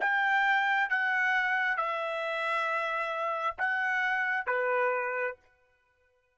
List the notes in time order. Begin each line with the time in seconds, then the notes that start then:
0.00 G5
0.89 F#5
1.77 E5
3.58 F#5
4.46 B4